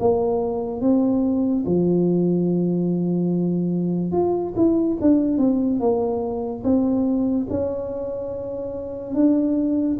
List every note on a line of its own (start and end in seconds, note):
0.00 0.81 A#3
0.81 1.65 C4
1.66 4.12 F3
4.12 4.54 F4
4.56 4.98 E4
5.02 5.38 D4
5.38 5.80 C4
5.80 6.63 A#3
6.64 7.47 C4
7.50 9.15 C#4
9.15 9.98 D4